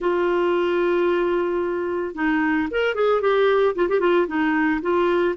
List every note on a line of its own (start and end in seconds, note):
0.00 2.14 F4
2.14 2.68 D#4
2.71 2.95 A#4
2.95 3.21 G#4
3.21 3.75 G4
3.75 3.88 F4
3.88 4.00 G4
4.00 4.26 F4
4.27 4.80 D#4
4.81 5.35 F4